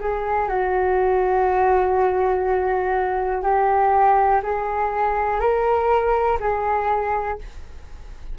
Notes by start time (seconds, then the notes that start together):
0.00 G#4
0.49 F#4
3.43 G4
4.43 G#4
5.41 A#4
6.40 G#4